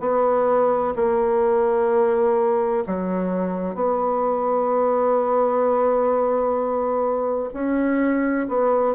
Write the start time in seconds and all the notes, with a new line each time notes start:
0.00 B3
0.96 A#3
2.87 F#3
3.75 B3
7.53 C#4
8.48 B3